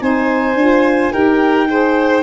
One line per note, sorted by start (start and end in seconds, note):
0.00 0.55 C4
0.00 0.56 D#4
0.00 1.12 C5
0.00 1.13 G#5
0.55 1.10 D4
0.55 1.12 F4
1.12 2.23 D#4
1.12 1.67 G4
1.12 1.68 A#4
1.12 2.23 G5
1.67 2.23 G#4
1.67 2.23 C5